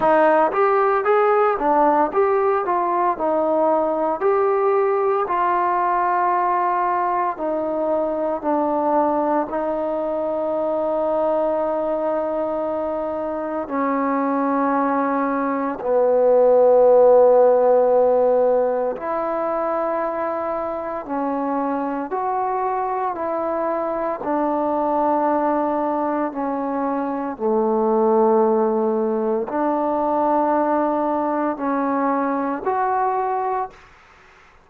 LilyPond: \new Staff \with { instrumentName = "trombone" } { \time 4/4 \tempo 4 = 57 dis'8 g'8 gis'8 d'8 g'8 f'8 dis'4 | g'4 f'2 dis'4 | d'4 dis'2.~ | dis'4 cis'2 b4~ |
b2 e'2 | cis'4 fis'4 e'4 d'4~ | d'4 cis'4 a2 | d'2 cis'4 fis'4 | }